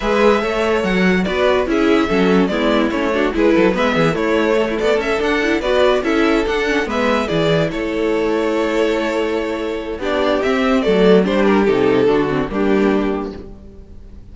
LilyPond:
<<
  \new Staff \with { instrumentName = "violin" } { \time 4/4 \tempo 4 = 144 e''2 fis''4 d''4 | e''2 d''4 cis''4 | b'4 e''4 cis''4. d''8 | e''8 fis''4 d''4 e''4 fis''8~ |
fis''8 e''4 d''4 cis''4.~ | cis''1 | d''4 e''4 d''4 c''8 ais'8 | a'2 g'2 | }
  \new Staff \with { instrumentName = "violin" } { \time 4/4 b'4 cis''2 b'4 | gis'4 a'4 e'4. fis'8 | gis'8 a'8 b'8 gis'8 e'4 a'16 e'16 a'8~ | a'4. b'4 a'4.~ |
a'8 b'4 gis'4 a'4.~ | a'1 | g'2 a'4 g'4~ | g'4 fis'4 d'2 | }
  \new Staff \with { instrumentName = "viola" } { \time 4/4 gis'4 a'2 fis'4 | e'4 cis'4 b4 cis'8 d'8 | e'4 b4 a2~ | a8 d'8 e'8 fis'4 e'4 d'8 |
cis'8 b4 e'2~ e'8~ | e'1 | d'4 c'4 a4 d'4 | dis'4 d'8 c'8 ais2 | }
  \new Staff \with { instrumentName = "cello" } { \time 4/4 gis4 a4 fis4 b4 | cis'4 fis4 gis4 a4 | gis8 fis8 gis8 e8 a4. b8 | cis'8 d'4 b4 cis'4 d'8~ |
d'8 gis4 e4 a4.~ | a1 | b4 c'4 fis4 g4 | c4 d4 g2 | }
>>